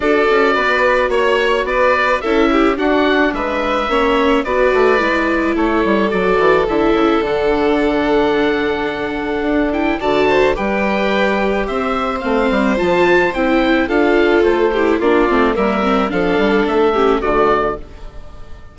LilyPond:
<<
  \new Staff \with { instrumentName = "oboe" } { \time 4/4 \tempo 4 = 108 d''2 cis''4 d''4 | e''4 fis''4 e''2 | d''2 cis''4 d''4 | e''4 fis''2.~ |
fis''4. g''8 a''4 g''4~ | g''4 e''4 f''4 a''4 | g''4 f''4 c''4 d''4 | e''4 f''4 e''4 d''4 | }
  \new Staff \with { instrumentName = "violin" } { \time 4/4 a'4 b'4 cis''4 b'4 | a'8 g'8 fis'4 b'4 cis''4 | b'2 a'2~ | a'1~ |
a'2 d''8 c''8 b'4~ | b'4 c''2.~ | c''4 a'4. g'8 f'4 | ais'4 a'4. g'8 fis'4 | }
  \new Staff \with { instrumentName = "viola" } { \time 4/4 fis'1 | e'4 d'2 cis'4 | fis'4 e'2 fis'4 | e'4 d'2.~ |
d'4. e'8 fis'4 g'4~ | g'2 c'4 f'4 | e'4 f'4. e'8 d'8 c'8 | ais8 c'8 d'4. cis'8 a4 | }
  \new Staff \with { instrumentName = "bassoon" } { \time 4/4 d'8 cis'8 b4 ais4 b4 | cis'4 d'4 gis4 ais4 | b8 a8 gis4 a8 g8 fis8 e8 | d8 cis8 d2.~ |
d4 d'4 d4 g4~ | g4 c'4 a8 g8 f4 | c'4 d'4 a4 ais8 a8 | g4 f8 g8 a4 d4 | }
>>